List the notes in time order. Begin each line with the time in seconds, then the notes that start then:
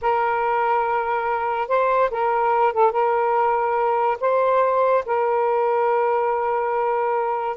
0.01 A#4
1.68 C5
2.10 A#4
2.73 A4
2.91 A#4
4.20 C5
5.05 A#4